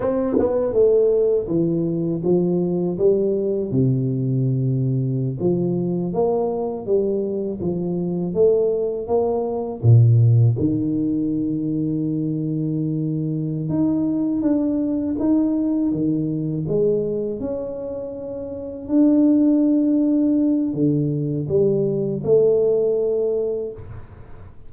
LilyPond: \new Staff \with { instrumentName = "tuba" } { \time 4/4 \tempo 4 = 81 c'8 b8 a4 e4 f4 | g4 c2~ c16 f8.~ | f16 ais4 g4 f4 a8.~ | a16 ais4 ais,4 dis4.~ dis16~ |
dis2~ dis8 dis'4 d'8~ | d'8 dis'4 dis4 gis4 cis'8~ | cis'4. d'2~ d'8 | d4 g4 a2 | }